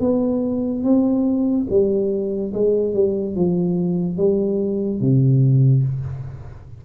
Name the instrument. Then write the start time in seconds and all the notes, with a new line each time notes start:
tuba
0.00 B3
0.83 C4
1.69 G3
2.53 G#3
2.94 G3
3.36 F3
4.17 G3
5.00 C3